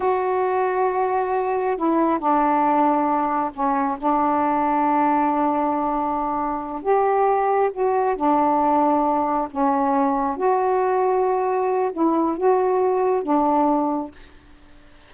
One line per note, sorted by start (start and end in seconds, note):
0.00 1.76 F#4
1.76 2.18 E4
2.18 3.51 D4
3.53 3.97 C#4
3.98 6.82 D4
6.82 7.70 G4
7.72 8.16 F#4
8.16 9.48 D4
9.51 10.36 C#4
10.36 11.91 F#4
11.93 12.37 E4
12.37 13.22 F#4
13.22 14.11 D4